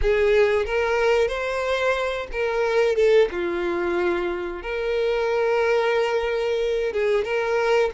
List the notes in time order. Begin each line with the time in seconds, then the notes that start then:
0.01 G#4
0.65 A#4
1.28 C5
2.31 A#4
2.95 A4
3.31 F4
4.62 A#4
6.92 G#4
7.24 A#4